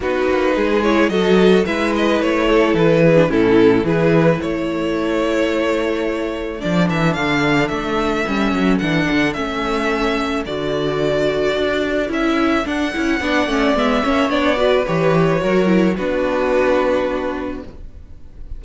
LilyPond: <<
  \new Staff \with { instrumentName = "violin" } { \time 4/4 \tempo 4 = 109 b'4. cis''8 dis''4 e''8 dis''8 | cis''4 b'4 a'4 b'4 | cis''1 | d''8 e''8 f''4 e''2 |
fis''4 e''2 d''4~ | d''2 e''4 fis''4~ | fis''4 e''4 d''4 cis''4~ | cis''4 b'2. | }
  \new Staff \with { instrumentName = "violin" } { \time 4/4 fis'4 gis'4 a'4 b'4~ | b'8 a'4 gis'8 e'4 gis'4 | a'1~ | a'1~ |
a'1~ | a'1 | d''4. cis''4 b'4. | ais'4 fis'2. | }
  \new Staff \with { instrumentName = "viola" } { \time 4/4 dis'4. e'8 fis'4 e'4~ | e'4.~ e'16 d'16 cis'4 e'4~ | e'1 | d'2. cis'4 |
d'4 cis'2 fis'4~ | fis'2 e'4 d'8 e'8 | d'8 cis'8 b8 cis'8 d'8 fis'8 g'4 | fis'8 e'8 d'2. | }
  \new Staff \with { instrumentName = "cello" } { \time 4/4 b8 ais8 gis4 fis4 gis4 | a4 e4 a,4 e4 | a1 | f8 e8 d4 a4 g8 fis8 |
e8 d8 a2 d4~ | d4 d'4 cis'4 d'8 cis'8 | b8 a8 gis8 ais8 b4 e4 | fis4 b2. | }
>>